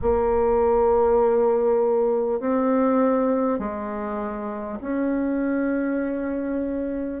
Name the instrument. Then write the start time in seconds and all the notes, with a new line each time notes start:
bassoon
0.01 A#3
2.39 C4
3.58 G#3
4.81 C#4